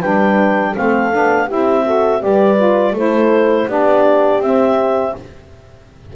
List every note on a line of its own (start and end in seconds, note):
0.00 0.76 G3
0.00 0.75 D4
0.00 0.73 B4
0.00 0.74 G5
0.75 1.15 A3
0.75 1.11 C4
0.75 1.47 A4
0.75 1.50 F5
1.11 1.52 B3
1.11 1.48 D4
1.47 2.23 C4
1.47 1.85 E4
1.47 1.84 G4
1.47 2.22 E5
1.85 2.20 F#4
1.85 2.23 A4
2.20 2.93 G3
2.20 2.56 G4
2.20 2.94 B4
2.20 2.96 D5
2.57 2.93 F4
2.93 3.66 A3
2.93 3.68 E4
2.93 3.67 A4
2.93 3.70 C5
3.67 4.39 B3
3.67 4.42 D4
3.67 5.13 G4
3.67 4.42 D5
4.39 5.13 C4
4.39 5.15 C4
4.39 5.16 E5